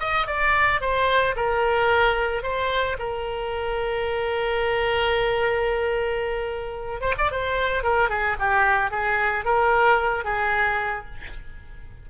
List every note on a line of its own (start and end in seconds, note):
0.00 0.27 D#5
0.27 0.81 D5
0.81 1.35 C5
1.36 2.43 A#4
2.43 2.97 C5
2.99 7.01 A#4
7.01 7.14 C5
7.18 7.31 D5
7.31 7.83 C5
7.83 8.09 A#4
8.09 8.36 G#4
8.39 8.91 G4
8.91 9.45 G#4
9.45 10.25 A#4
10.25 11.06 G#4